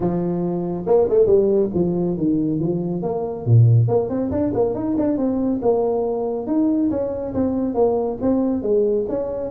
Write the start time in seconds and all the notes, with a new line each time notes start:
0.00 F3
0.86 A#3
1.09 A3
1.26 G3
1.74 F3
2.17 D#3
2.59 F3
3.02 A#3
3.45 A#2
3.88 A#3
4.09 C4
4.31 D4
4.53 A#3
4.74 D#4
4.97 D4
5.17 C4
5.62 A#3
6.46 D#4
6.90 C#4
7.34 C4
7.74 A#3
8.21 C4
8.62 G#3
9.09 C#4